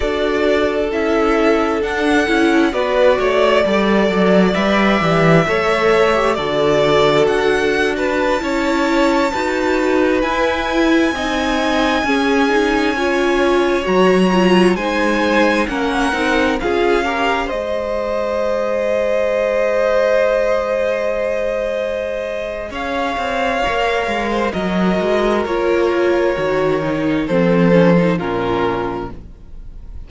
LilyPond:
<<
  \new Staff \with { instrumentName = "violin" } { \time 4/4 \tempo 4 = 66 d''4 e''4 fis''4 d''4~ | d''4 e''2 d''4 | fis''8. a''2~ a''8 gis''8.~ | gis''2.~ gis''16 ais''8.~ |
ais''16 gis''4 fis''4 f''4 dis''8.~ | dis''1~ | dis''4 f''2 dis''4 | cis''2 c''4 ais'4 | }
  \new Staff \with { instrumentName = "violin" } { \time 4/4 a'2. b'8 cis''8 | d''2 cis''4 a'4~ | a'8. b'8 cis''4 b'4.~ b'16~ | b'16 dis''4 gis'4 cis''4.~ cis''16~ |
cis''16 c''4 ais'4 gis'8 ais'8 c''8.~ | c''1~ | c''4 cis''4.~ cis''16 c''16 ais'4~ | ais'2 a'4 f'4 | }
  \new Staff \with { instrumentName = "viola" } { \time 4/4 fis'4 e'4 d'8 e'8 fis'4 | a'4 b'8 g'8 a'8. g'16 fis'4~ | fis'4~ fis'16 e'4 fis'4 e'8.~ | e'16 dis'4 cis'8 dis'8 f'4 fis'8 f'16~ |
f'16 dis'4 cis'8 dis'8 f'8 g'8 gis'8.~ | gis'1~ | gis'2 ais'4 fis'4 | f'4 fis'8 dis'8 c'8 cis'16 dis'16 cis'4 | }
  \new Staff \with { instrumentName = "cello" } { \time 4/4 d'4 cis'4 d'8 cis'8 b8 a8 | g8 fis8 g8 e8 a4 d4 | d'4~ d'16 cis'4 dis'4 e'8.~ | e'16 c'4 cis'2 fis8.~ |
fis16 gis4 ais8 c'8 cis'4 gis8.~ | gis1~ | gis4 cis'8 c'8 ais8 gis8 fis8 gis8 | ais4 dis4 f4 ais,4 | }
>>